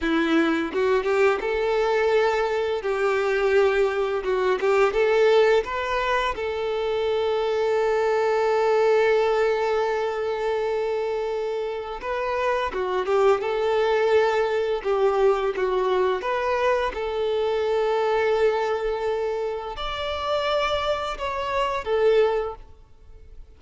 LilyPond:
\new Staff \with { instrumentName = "violin" } { \time 4/4 \tempo 4 = 85 e'4 fis'8 g'8 a'2 | g'2 fis'8 g'8 a'4 | b'4 a'2.~ | a'1~ |
a'4 b'4 fis'8 g'8 a'4~ | a'4 g'4 fis'4 b'4 | a'1 | d''2 cis''4 a'4 | }